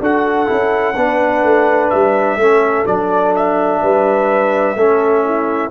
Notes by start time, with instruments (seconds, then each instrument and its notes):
0.00 tuba D4, trombone F#4, horn A4, trumpet F#5
0.46 tuba C#4, trombone E4
0.96 tuba B3, trombone D4, horn B4
1.43 tuba A3
1.90 tuba G3, trumpet E5
2.37 tuba A3, trombone C#4, horn A4
2.86 tuba F#3, trombone D4, trumpet D5
3.36 trumpet E5
3.82 tuba G3, horn B4
4.75 tuba A3, trombone C#4, horn A4
5.25 horn E4